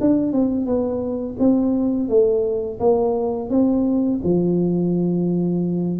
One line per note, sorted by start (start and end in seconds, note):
0.00 0.32 D4
0.32 0.65 C4
0.65 1.36 B3
1.39 2.08 C4
2.08 2.79 A3
2.79 3.49 A#3
3.49 4.20 C4
4.23 6.00 F3